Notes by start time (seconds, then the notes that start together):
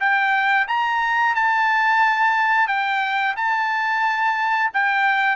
0.00 G5
0.68 A#5
1.35 A5
2.68 G5
3.36 A5
4.74 G5